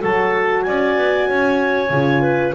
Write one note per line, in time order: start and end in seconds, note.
0.00 0.67 F#3
0.00 1.89 F#4
0.00 0.63 A4
0.00 0.62 A5
0.62 0.98 C#4
0.62 1.28 D5
0.62 2.52 G#5
0.98 1.29 B3
1.28 1.90 C#4
1.28 2.22 C#5
1.90 2.53 C#3
1.90 2.55 F4
2.22 2.54 B4